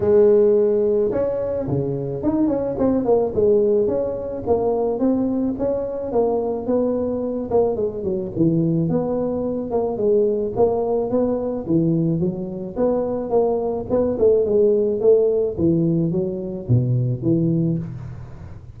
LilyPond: \new Staff \with { instrumentName = "tuba" } { \time 4/4 \tempo 4 = 108 gis2 cis'4 cis4 | dis'8 cis'8 c'8 ais8 gis4 cis'4 | ais4 c'4 cis'4 ais4 | b4. ais8 gis8 fis8 e4 |
b4. ais8 gis4 ais4 | b4 e4 fis4 b4 | ais4 b8 a8 gis4 a4 | e4 fis4 b,4 e4 | }